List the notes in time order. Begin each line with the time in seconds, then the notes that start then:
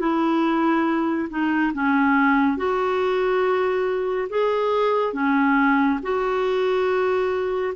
0.00 E4
1.30 D#4
1.74 C#4
2.57 F#4
4.29 G#4
5.14 C#4
6.02 F#4